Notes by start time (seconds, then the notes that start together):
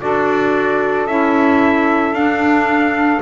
0.00 D4 F#4 A4 D5
1.07 C#4 E4 E5
2.12 D4 F5